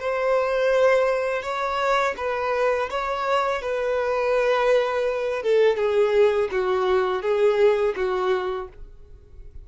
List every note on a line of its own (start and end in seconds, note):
0.00 1.43 C5
1.43 2.15 C#5
2.18 2.90 B4
2.91 3.62 C#5
3.62 5.43 B4
5.43 5.77 A4
5.77 6.50 G#4
6.52 7.23 F#4
7.23 7.95 G#4
7.96 8.68 F#4